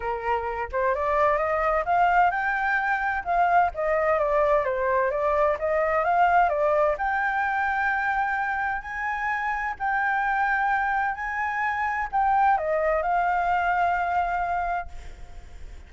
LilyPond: \new Staff \with { instrumentName = "flute" } { \time 4/4 \tempo 4 = 129 ais'4. c''8 d''4 dis''4 | f''4 g''2 f''4 | dis''4 d''4 c''4 d''4 | dis''4 f''4 d''4 g''4~ |
g''2. gis''4~ | gis''4 g''2. | gis''2 g''4 dis''4 | f''1 | }